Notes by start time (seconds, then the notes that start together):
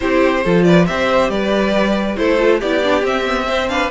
0.00 C4 E4 G4 C5
0.44 F3 F4 A4
0.63 B4 D5
0.86 C4 G4 C5 E5
1.29 G3 B4 D5
2.16 A3 E4 A4 C5
2.38 F4
2.58 B3 E4 G4 D5
2.83 D4
3.02 C4 E5
3.25 B3
3.47 C4 C5
3.68 D4 B4 F5